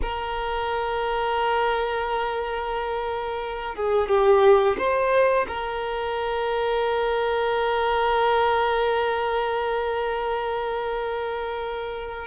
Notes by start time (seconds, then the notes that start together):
0.02 A#4
3.75 G#4
4.08 G4
4.78 C5
5.47 A#4